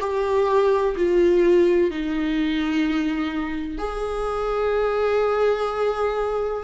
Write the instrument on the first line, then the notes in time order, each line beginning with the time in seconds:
viola
0.00 G4
0.96 F4
1.90 D#4
3.78 G#4